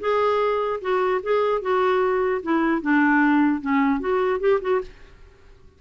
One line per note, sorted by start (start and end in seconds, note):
0.00 0.80 G#4
0.81 1.21 F#4
1.23 1.61 G#4
1.61 2.41 F#4
2.43 2.81 E4
2.81 3.61 D4
3.61 4.00 C#4
4.00 4.40 F#4
4.40 4.60 G4
4.61 4.81 F#4